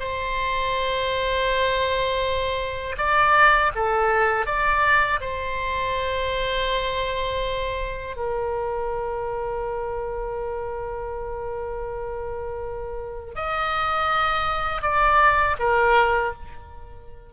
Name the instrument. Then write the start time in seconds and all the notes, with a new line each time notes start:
oboe
0.00 C5
2.98 D5
3.76 A4
4.46 D5
5.21 C5
8.17 A#4
13.36 D#5
14.82 D5
15.60 A#4